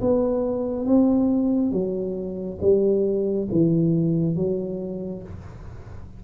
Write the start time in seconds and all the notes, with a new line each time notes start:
0.00 B3
0.86 C4
1.72 F#3
2.61 G3
3.51 E3
4.36 F#3